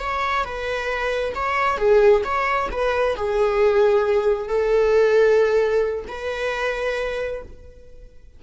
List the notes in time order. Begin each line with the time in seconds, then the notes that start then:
0.00 C#5
0.45 B4
1.35 C#5
1.78 G#4
2.24 C#5
2.72 B4
3.16 G#4
4.49 A4
6.08 B4